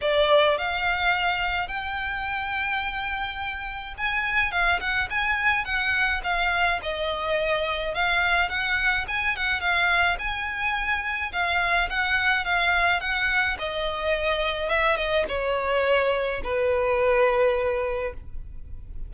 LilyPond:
\new Staff \with { instrumentName = "violin" } { \time 4/4 \tempo 4 = 106 d''4 f''2 g''4~ | g''2. gis''4 | f''8 fis''8 gis''4 fis''4 f''4 | dis''2 f''4 fis''4 |
gis''8 fis''8 f''4 gis''2 | f''4 fis''4 f''4 fis''4 | dis''2 e''8 dis''8 cis''4~ | cis''4 b'2. | }